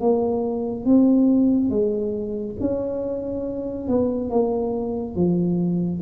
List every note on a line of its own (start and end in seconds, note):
0.00 0.85 A#3
0.85 1.69 C4
1.69 2.55 G#3
2.60 3.88 C#4
3.88 4.29 B3
4.29 5.15 A#3
5.15 6.01 F3